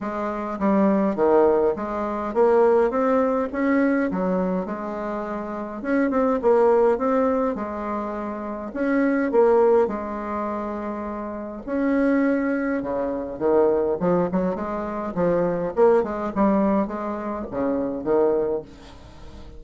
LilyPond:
\new Staff \with { instrumentName = "bassoon" } { \time 4/4 \tempo 4 = 103 gis4 g4 dis4 gis4 | ais4 c'4 cis'4 fis4 | gis2 cis'8 c'8 ais4 | c'4 gis2 cis'4 |
ais4 gis2. | cis'2 cis4 dis4 | f8 fis8 gis4 f4 ais8 gis8 | g4 gis4 cis4 dis4 | }